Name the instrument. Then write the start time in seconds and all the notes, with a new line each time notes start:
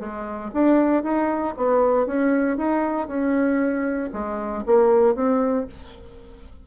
bassoon
0.00 G#3
0.54 D4
1.03 D#4
1.57 B3
2.07 C#4
2.57 D#4
3.08 C#4
4.13 G#3
4.66 A#3
5.16 C4